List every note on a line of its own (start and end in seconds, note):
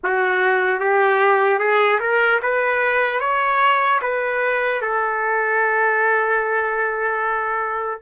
0.03 0.80 F#4
0.80 1.59 G4
1.59 1.99 G#4
2.00 2.40 A#4
2.42 3.20 B4
3.20 4.00 C#5
4.01 4.81 B4
4.81 8.01 A4